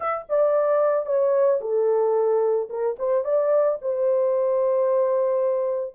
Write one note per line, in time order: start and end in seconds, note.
0.00 0.26 E5
0.29 1.06 D5
1.06 1.60 C#5
1.60 2.68 A4
2.69 2.96 A#4
2.99 3.24 C5
3.24 3.78 D5
3.81 5.95 C5